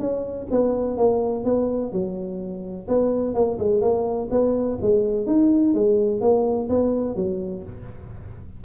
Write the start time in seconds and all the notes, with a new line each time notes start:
0.00 C#4
0.51 B3
0.97 A#3
1.45 B3
1.92 F#3
2.88 B3
3.35 A#3
3.59 G#3
3.82 A#3
4.31 B3
4.82 G#3
5.27 D#4
5.74 G#3
6.21 A#3
6.69 B3
7.16 F#3